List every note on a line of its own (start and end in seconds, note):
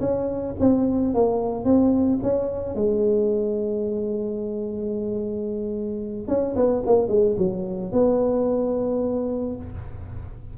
0.00 0.55 C#4
0.60 1.14 C4
1.14 1.65 A#3
1.65 2.19 C4
2.23 2.75 C#4
2.75 6.28 G#3
6.28 6.55 C#4
6.56 6.83 B3
6.86 7.08 A#3
7.08 7.36 G#3
7.38 7.92 F#3
7.92 9.56 B3